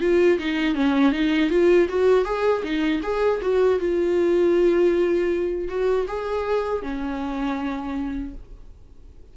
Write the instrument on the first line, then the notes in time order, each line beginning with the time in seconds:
viola
0.00 F4
0.38 D#4
0.75 C#4
1.12 D#4
1.50 F4
1.88 F#4
2.25 G#4
2.63 D#4
3.02 G#4
3.41 F#4
3.79 F4
5.68 F#4
6.07 G#4
6.82 C#4